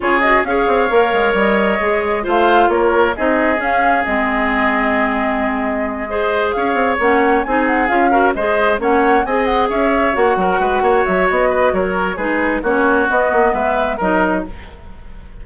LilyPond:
<<
  \new Staff \with { instrumentName = "flute" } { \time 4/4 \tempo 4 = 133 cis''8 dis''8 f''2 dis''4~ | dis''4 f''4 cis''4 dis''4 | f''4 dis''2.~ | dis''2~ dis''8 f''4 fis''8~ |
fis''8 gis''8 fis''8 f''4 dis''4 fis''8~ | fis''8 gis''8 fis''8 e''4 fis''4.~ | fis''8 e''8 dis''4 cis''4 b'4 | cis''4 dis''4 e''4 dis''4 | }
  \new Staff \with { instrumentName = "oboe" } { \time 4/4 gis'4 cis''2.~ | cis''4 c''4 ais'4 gis'4~ | gis'1~ | gis'4. c''4 cis''4.~ |
cis''8 gis'4. ais'8 c''4 cis''8~ | cis''8 dis''4 cis''4. ais'8 b'8 | cis''4. b'8 ais'4 gis'4 | fis'2 b'4 ais'4 | }
  \new Staff \with { instrumentName = "clarinet" } { \time 4/4 f'8 fis'8 gis'4 ais'2 | gis'4 f'2 dis'4 | cis'4 c'2.~ | c'4. gis'2 cis'8~ |
cis'8 dis'4 f'8 fis'8 gis'4 cis'8~ | cis'8 gis'2 fis'4.~ | fis'2. dis'4 | cis'4 b2 dis'4 | }
  \new Staff \with { instrumentName = "bassoon" } { \time 4/4 cis4 cis'8 c'8 ais8 gis8 g4 | gis4 a4 ais4 c'4 | cis'4 gis2.~ | gis2~ gis8 cis'8 c'8 ais8~ |
ais8 c'4 cis'4 gis4 ais8~ | ais8 c'4 cis'4 ais8 fis8 gis8 | ais8 fis8 b4 fis4 gis4 | ais4 b8 ais8 gis4 fis4 | }
>>